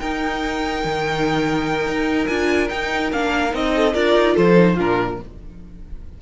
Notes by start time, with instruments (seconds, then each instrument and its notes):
0.00 cello D#4, viola D#4, violin A#4 G5
0.85 cello D#3
1.87 cello D#4
2.27 cello D4, viola F4, violin G#5
2.69 viola D#4, cello D#4, violin G5
3.13 cello A#3, viola D4, violin F5
3.51 cello C4, viola D#4, violin D#5
3.76 violin A4
3.94 cello D4, viola F4, violin A#4 D5
4.16 cello D#4
4.35 cello F3, violin A4 C5
4.56 viola D#4
4.75 cello A#2, viola D4, violin F4 A#4